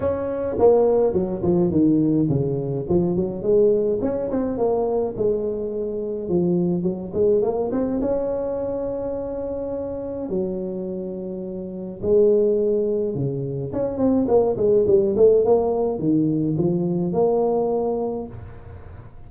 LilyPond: \new Staff \with { instrumentName = "tuba" } { \time 4/4 \tempo 4 = 105 cis'4 ais4 fis8 f8 dis4 | cis4 f8 fis8 gis4 cis'8 c'8 | ais4 gis2 f4 | fis8 gis8 ais8 c'8 cis'2~ |
cis'2 fis2~ | fis4 gis2 cis4 | cis'8 c'8 ais8 gis8 g8 a8 ais4 | dis4 f4 ais2 | }